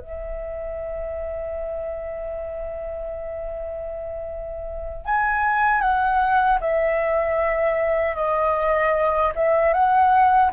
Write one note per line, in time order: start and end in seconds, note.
0.00 5.05 E5
5.05 5.81 G#5
5.81 6.59 F#5
6.61 8.15 E5
8.15 9.32 D#5
9.35 9.73 E5
9.73 10.51 F#5